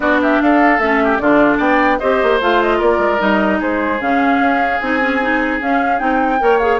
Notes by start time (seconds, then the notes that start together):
0.00 B3 D4 F#4 D5
0.22 G4 E5
0.41 D4 A4 F5
0.79 A3 C#4 E5
1.03 G4
1.18 D3 D4 F4 D5
1.57 B3 D5 G5
1.99 C4 G4 C5 D#5
2.23 A#3
2.40 A3 F4 F5
2.62 D#5
2.78 A#3 A#4 D5
2.98 G#3
3.18 G3 D#4 D#5
3.59 G#3 G#4 C5
4.00 C#3 C#4 F5
4.39 C#4
4.79 C4 D#4 G#5
5.00 C#4
5.21 D#4
5.60 C#4 F5
5.98 C4 D#4 G5
6.39 A#3 A#4 C#5
6.58 G#4 F5